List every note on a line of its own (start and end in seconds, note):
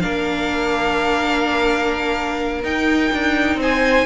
0.00 2.63 A#3
0.00 2.63 D4
0.00 3.59 A#4
0.00 2.62 F5
2.63 3.11 D#4
2.63 4.06 D#4
2.63 3.59 G5
3.12 3.55 D4
3.55 4.03 C4
3.55 4.06 C5
3.62 4.06 G#5